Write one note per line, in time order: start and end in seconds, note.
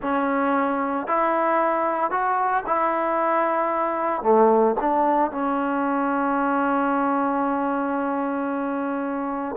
0.01 1.07 C#4
1.07 2.10 E4
2.10 2.63 F#4
2.66 4.22 E4
4.22 4.75 A3
4.80 5.31 D4
5.31 9.56 C#4